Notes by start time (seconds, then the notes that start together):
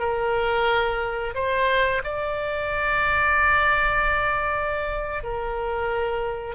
0.00 A#4
1.35 C5
2.04 D5
5.24 A#4